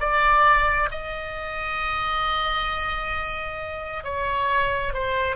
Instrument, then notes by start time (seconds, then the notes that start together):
oboe
0.00 D5
0.91 D#5
4.04 C#5
4.94 C5